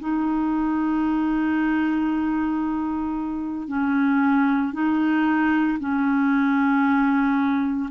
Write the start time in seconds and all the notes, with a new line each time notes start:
0.00 D#4
3.68 C#4
4.73 D#4
5.80 C#4